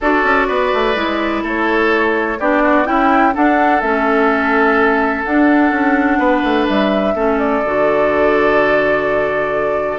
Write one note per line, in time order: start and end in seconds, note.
0.00 0.23 D4
0.00 0.95 F#4
0.00 0.47 A4
0.00 1.44 D5
0.23 0.47 C#4
0.47 0.72 B3
0.47 1.42 B4
0.73 0.95 A3
0.95 1.43 G#3
0.95 2.38 E4
1.42 2.38 A3
1.42 2.37 A4
1.42 2.40 C#5
2.39 2.86 B3
2.39 2.84 D4
2.39 2.62 G4
2.39 2.86 D5
2.62 2.86 F#4
2.84 3.34 C#4
2.84 3.32 E4
2.84 3.34 E4
2.84 3.34 G5
3.33 3.81 D4
3.33 3.82 D4
3.33 6.18 A4
3.33 3.80 F#5
3.80 5.25 A3
3.80 5.25 C#4
3.80 5.23 E5
5.24 5.71 D4
5.24 7.15 D4
5.24 6.66 F#5
5.71 6.18 C#4
6.18 6.42 B3
6.18 7.14 B4
6.43 6.67 A3
6.68 7.14 G3
6.68 7.39 E5
7.14 7.62 A3
7.14 7.63 C#4
7.14 9.98 A4
7.39 9.98 D5
7.65 9.98 D3
7.65 9.98 F#4